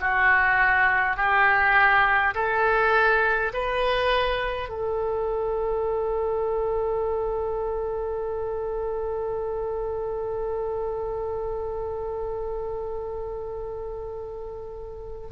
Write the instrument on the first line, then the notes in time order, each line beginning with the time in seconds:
oboe
0.00 F#4
1.17 G4
2.35 A4
3.53 B4
4.69 A4